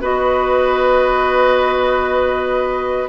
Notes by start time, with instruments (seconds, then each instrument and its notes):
0.00 bassoon B3, clarinet F#4, oboe B4, flute D#5